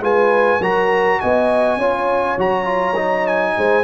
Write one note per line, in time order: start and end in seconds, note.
0.00 0.59 G#3
0.00 0.60 F4
0.00 0.60 B4
0.00 0.62 G#5
0.59 1.18 F#3
0.59 1.80 F#4
0.59 1.19 A#4
0.59 1.20 A#5
1.20 1.77 B3
1.20 1.79 D#5
1.20 2.38 G#5
1.77 2.36 C#4
1.77 2.38 F4
1.77 3.55 C#5
2.38 3.55 F#3
2.38 2.64 F#4
2.38 3.27 A#5
2.64 2.93 F4
2.95 3.83 D#4
3.27 3.84 G#5
3.56 3.84 G#3
3.56 3.84 C5